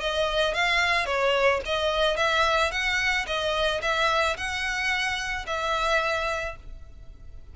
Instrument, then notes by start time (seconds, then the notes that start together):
violin
0.00 D#5
0.54 F5
1.06 C#5
1.65 D#5
2.16 E5
2.71 F#5
3.26 D#5
3.82 E5
4.37 F#5
5.46 E5